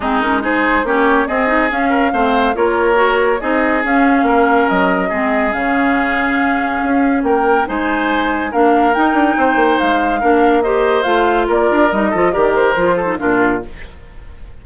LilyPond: <<
  \new Staff \with { instrumentName = "flute" } { \time 4/4 \tempo 4 = 141 gis'8 ais'8 c''4 cis''4 dis''4 | f''2 cis''2 | dis''4 f''2 dis''4~ | dis''4 f''2.~ |
f''4 g''4 gis''2 | f''4 g''2 f''4~ | f''4 dis''4 f''4 d''4 | dis''4 d''8 c''4. ais'4 | }
  \new Staff \with { instrumentName = "oboe" } { \time 4/4 dis'4 gis'4 g'4 gis'4~ | gis'8 ais'8 c''4 ais'2 | gis'2 ais'2 | gis'1~ |
gis'4 ais'4 c''2 | ais'2 c''2 | ais'4 c''2 ais'4~ | ais'8 a'8 ais'4. a'8 f'4 | }
  \new Staff \with { instrumentName = "clarinet" } { \time 4/4 c'8 cis'8 dis'4 cis'4 c'8 dis'8 | cis'4 c'4 f'4 fis'4 | dis'4 cis'2. | c'4 cis'2.~ |
cis'2 dis'2 | d'4 dis'2. | d'4 g'4 f'2 | dis'8 f'8 g'4 f'8. dis'16 d'4 | }
  \new Staff \with { instrumentName = "bassoon" } { \time 4/4 gis2 ais4 c'4 | cis'4 a4 ais2 | c'4 cis'4 ais4 fis4 | gis4 cis2. |
cis'4 ais4 gis2 | ais4 dis'8 d'8 c'8 ais8 gis4 | ais2 a4 ais8 d'8 | g8 f8 dis4 f4 ais,4 | }
>>